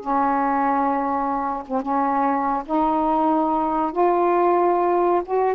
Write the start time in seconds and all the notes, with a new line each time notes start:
0.00 C#4
1.67 C4
1.81 C#4
2.65 D#4
3.92 F4
5.25 F#4